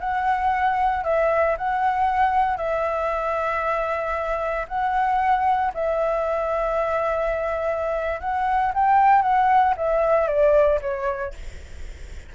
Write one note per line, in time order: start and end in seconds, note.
0.00 1.04 F#5
1.04 1.56 E5
1.57 2.57 F#5
2.57 4.66 E5
4.68 5.72 F#5
5.74 8.20 E5
8.20 8.72 F#5
8.74 9.22 G5
9.22 9.74 F#5
9.77 10.27 E5
10.27 10.80 D5
10.81 11.33 C#5